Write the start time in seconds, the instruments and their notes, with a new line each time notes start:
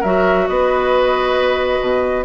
0.00 bassoon F#3, clarinet F#4, oboe A#4, flute E5
0.47 bassoon B3, oboe B4, flute D#5
1.81 bassoon B2